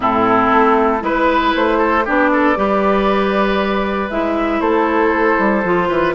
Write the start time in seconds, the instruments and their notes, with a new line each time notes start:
0.00 bassoon A2, clarinet C4, oboe E4, flute A4
0.50 bassoon A3
1.00 bassoon G#3, clarinet E4, flute B4, oboe B4
1.55 bassoon A3, flute C5
1.78 oboe A4
2.04 bassoon B3, clarinet D4, oboe G4, flute D5
2.32 oboe A4
2.55 bassoon G3, clarinet G4, oboe B4
4.10 bassoon G#3, clarinet E4, flute E5
4.60 bassoon A3, oboe A4, flute C5
5.38 bassoon G3
5.64 bassoon F3, clarinet F4
5.88 bassoon E3, oboe B4